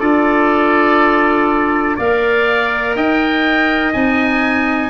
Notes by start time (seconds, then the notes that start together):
0.00 D4 F4 A4 D5
1.97 A#3 A#4 D5 F5
2.96 D#4 D#5 G5
3.93 C4 D#4 G#5